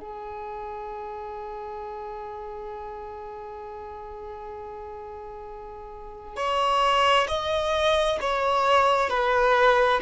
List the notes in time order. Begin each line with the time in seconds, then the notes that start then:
0.00 G#4
6.36 C#5
7.28 D#5
8.21 C#5
9.10 B4